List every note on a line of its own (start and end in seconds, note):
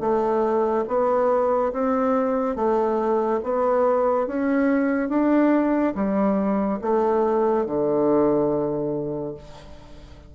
0.00 0.85 A3
0.88 1.72 B3
1.72 2.55 C4
2.55 3.40 A3
3.43 4.27 B3
4.27 5.09 C#4
5.09 5.93 D4
5.95 6.79 G3
6.81 7.66 A3
7.66 9.35 D3